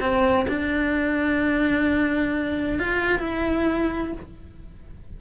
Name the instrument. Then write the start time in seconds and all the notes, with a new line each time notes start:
cello
0.00 C4
0.49 D4
2.79 F4
3.19 E4